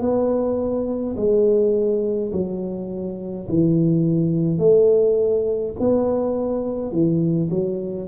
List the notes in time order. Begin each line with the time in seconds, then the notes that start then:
0.00 B3
1.16 G#3
2.32 F#3
3.48 E3
4.58 A3
5.79 B3
6.91 E3
7.50 F#3